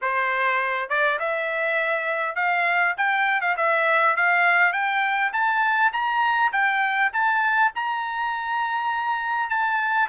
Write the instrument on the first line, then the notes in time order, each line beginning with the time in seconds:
trumpet
0.01 C5
0.89 D5
1.19 E5
2.35 F5
2.97 G5
3.41 F5
3.56 E5
4.16 F5
4.72 G5
5.32 A5
5.92 A#5
6.52 G5
7.12 A5
7.75 A#5
9.49 A5